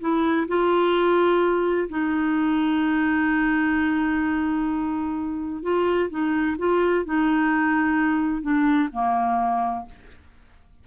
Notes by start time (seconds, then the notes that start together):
0.00 E4
0.48 F4
1.89 D#4
5.62 F4
6.10 D#4
6.58 F4
7.05 D#4
8.42 D4
8.92 A#3